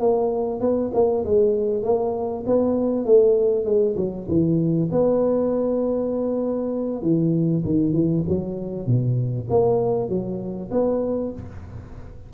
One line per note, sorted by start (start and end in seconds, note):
0.00 0.61 A#3
0.61 0.91 B3
0.94 1.25 A#3
1.25 1.83 G#3
1.83 2.45 A#3
2.47 3.06 B3
3.06 3.65 A3
3.65 3.96 G#3
3.97 4.27 F#3
4.29 4.90 E3
4.92 7.02 B3
7.02 7.63 E3
7.65 7.93 D#3
7.93 8.23 E3
8.28 8.87 F#3
8.87 9.48 B2
9.50 10.09 A#3
10.09 10.71 F#3
10.71 11.33 B3